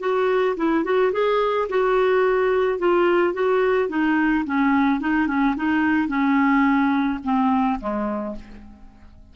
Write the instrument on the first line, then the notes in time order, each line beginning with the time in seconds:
clarinet
0.00 F#4
0.57 E4
0.84 F#4
1.13 G#4
1.69 F#4
2.79 F4
3.34 F#4
3.89 D#4
4.45 C#4
5.01 D#4
5.27 C#4
5.57 D#4
6.08 C#4
7.24 C4
7.80 G#3